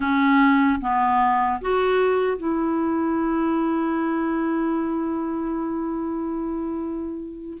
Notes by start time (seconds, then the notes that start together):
0.00 C#4
0.80 B3
1.61 F#4
2.37 E4